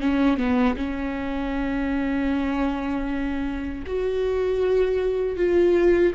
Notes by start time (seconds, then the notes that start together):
0.00 C#4
0.37 B3
0.77 C#4
3.87 F#4
5.36 F4